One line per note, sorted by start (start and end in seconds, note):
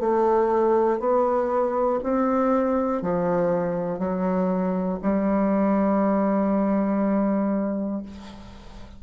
0.00 1.00 A3
1.00 2.00 B3
2.03 3.02 C4
3.02 3.99 F3
3.99 4.99 F#3
5.03 8.03 G3